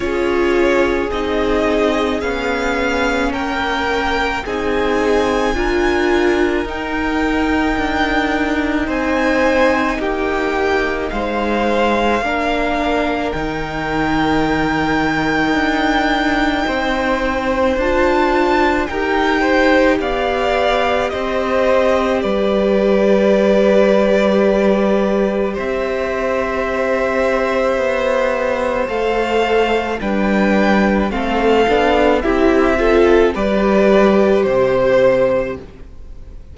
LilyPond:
<<
  \new Staff \with { instrumentName = "violin" } { \time 4/4 \tempo 4 = 54 cis''4 dis''4 f''4 g''4 | gis''2 g''2 | gis''4 g''4 f''2 | g''1 |
a''4 g''4 f''4 dis''4 | d''2. e''4~ | e''2 f''4 g''4 | f''4 e''4 d''4 c''4 | }
  \new Staff \with { instrumentName = "violin" } { \time 4/4 gis'2. ais'4 | gis'4 ais'2. | c''4 g'4 c''4 ais'4~ | ais'2. c''4~ |
c''4 ais'8 c''8 d''4 c''4 | b'2. c''4~ | c''2. b'4 | a'4 g'8 a'8 b'4 c''4 | }
  \new Staff \with { instrumentName = "viola" } { \time 4/4 f'4 dis'4 cis'2 | dis'4 f'4 dis'2~ | dis'2. d'4 | dis'1 |
f'4 g'2.~ | g'1~ | g'2 a'4 d'4 | c'8 d'8 e'8 f'8 g'2 | }
  \new Staff \with { instrumentName = "cello" } { \time 4/4 cis'4 c'4 b4 ais4 | c'4 d'4 dis'4 d'4 | c'4 ais4 gis4 ais4 | dis2 d'4 c'4 |
d'4 dis'4 b4 c'4 | g2. c'4~ | c'4 b4 a4 g4 | a8 b8 c'4 g4 c4 | }
>>